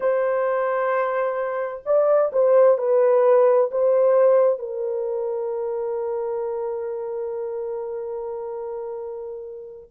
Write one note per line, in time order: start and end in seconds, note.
0.00 1.82 C5
1.85 2.31 D5
2.32 2.77 C5
2.77 3.70 B4
3.71 4.59 C5
4.59 9.89 A#4